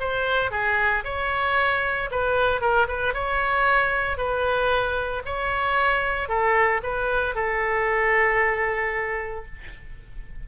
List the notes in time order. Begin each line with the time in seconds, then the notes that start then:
0.00 C5
0.51 G#4
1.05 C#5
2.11 B4
2.61 A#4
2.88 B4
3.14 C#5
4.17 B4
5.25 C#5
6.28 A4
6.83 B4
7.35 A4